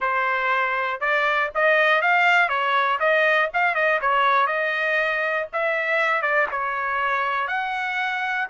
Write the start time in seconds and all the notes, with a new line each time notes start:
0.00 C5
1.00 D5
1.54 D#5
2.01 F5
2.48 C#5
2.99 D#5
3.53 F5
3.74 D#5
4.01 C#5
4.46 D#5
5.52 E5
6.22 D5
6.51 C#5
7.47 F#5